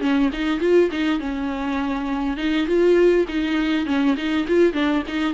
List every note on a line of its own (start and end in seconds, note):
0.00 0.30 C#4
0.33 0.60 D#4
0.60 0.90 F4
0.91 1.19 D#4
1.19 2.37 C#4
2.37 2.67 D#4
2.67 3.26 F4
3.28 3.86 D#4
3.86 4.16 C#4
4.16 4.46 D#4
4.47 4.73 F4
4.73 5.03 D4
5.07 5.34 D#4